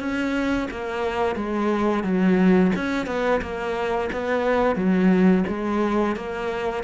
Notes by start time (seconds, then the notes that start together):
0.00 C#4
0.71 A#3
1.36 G#3
2.04 F#3
2.76 C#4
3.07 B3
3.42 A#3
4.13 B3
4.76 F#3
5.48 G#3
6.16 A#3